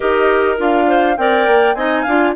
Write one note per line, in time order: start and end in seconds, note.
0.00 0.59 D#4
0.00 0.57 G4
0.00 0.86 A#4
0.00 0.55 D#5
0.57 1.17 D4
0.57 1.16 F4
0.57 1.17 F5
0.87 1.17 C5
1.17 1.47 C4
1.17 1.76 A#4
1.17 1.76 D5
1.17 1.74 G5
1.47 1.75 A#3
1.74 2.04 C4
1.74 2.06 D#4
1.74 2.02 D#5
1.74 2.33 G#5
2.02 2.35 D4
2.02 2.35 F4
2.02 2.31 F5